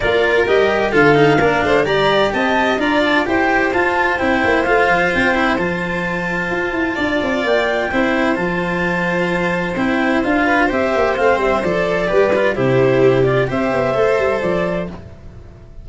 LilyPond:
<<
  \new Staff \with { instrumentName = "clarinet" } { \time 4/4 \tempo 4 = 129 d''4 dis''4 f''2 | ais''4 a''4 ais''8 a''8 g''4 | a''4 g''4 f''4 g''4 | a''1 |
g''2 a''2~ | a''4 g''4 f''4 e''4 | f''8 e''8 d''2 c''4~ | c''8 d''8 e''2 d''4 | }
  \new Staff \with { instrumentName = "violin" } { \time 4/4 ais'2 a'4 ais'8 c''8 | d''4 dis''4 d''4 c''4~ | c''1~ | c''2. d''4~ |
d''4 c''2.~ | c''2~ c''8 b'8 c''4~ | c''2 b'4 g'4~ | g'4 c''2. | }
  \new Staff \with { instrumentName = "cello" } { \time 4/4 f'4 g'4 f'8 dis'8 d'4 | g'2 f'4 g'4 | f'4 e'4 f'4. e'8 | f'1~ |
f'4 e'4 f'2~ | f'4 e'4 f'4 g'4 | c'4 a'4 g'8 f'8 e'4~ | e'8 f'8 g'4 a'2 | }
  \new Staff \with { instrumentName = "tuba" } { \time 4/4 ais4 g4 d4 ais8 a8 | g4 c'4 d'4 e'4 | f'4 c'8 ais8 a8 f8 c'4 | f2 f'8 e'8 d'8 c'8 |
ais4 c'4 f2~ | f4 c'4 d'4 c'8 ais8 | a8 g8 f4 g4 c4~ | c4 c'8 b8 a8 g8 f4 | }
>>